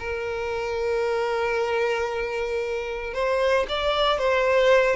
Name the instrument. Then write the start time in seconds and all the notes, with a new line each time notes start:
violin
0.00 A#4
3.14 C5
3.69 D5
4.19 C5